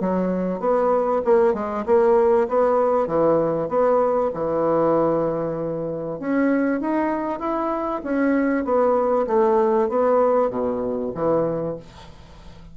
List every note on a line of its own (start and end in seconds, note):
0.00 0.60 F#3
0.60 1.22 B3
1.25 1.54 A#3
1.54 1.85 G#3
1.86 2.48 A#3
2.48 3.07 B3
3.07 3.69 E3
3.69 4.30 B3
4.34 6.19 E3
6.19 6.81 C#4
6.81 7.39 D#4
7.39 8.01 E4
8.04 8.64 C#4
8.64 9.26 B3
9.27 9.89 A3
9.89 10.50 B3
10.50 11.12 B2
11.15 11.76 E3